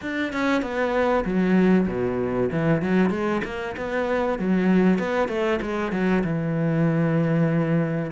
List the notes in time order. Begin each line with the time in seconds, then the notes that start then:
0.01 D4
0.33 C#4
0.62 B3
1.24 F#3
1.87 B2
2.51 E3
2.82 F#3
3.10 G#3
3.44 A#3
3.76 B3
4.39 F#3
4.99 B3
5.28 A3
5.61 G#3
5.91 F#3
6.23 E3